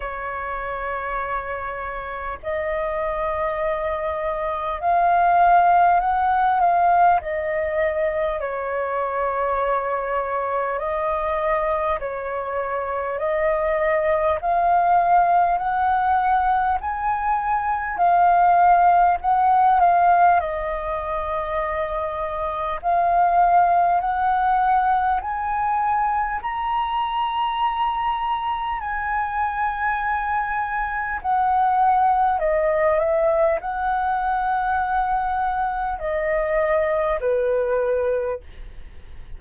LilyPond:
\new Staff \with { instrumentName = "flute" } { \time 4/4 \tempo 4 = 50 cis''2 dis''2 | f''4 fis''8 f''8 dis''4 cis''4~ | cis''4 dis''4 cis''4 dis''4 | f''4 fis''4 gis''4 f''4 |
fis''8 f''8 dis''2 f''4 | fis''4 gis''4 ais''2 | gis''2 fis''4 dis''8 e''8 | fis''2 dis''4 b'4 | }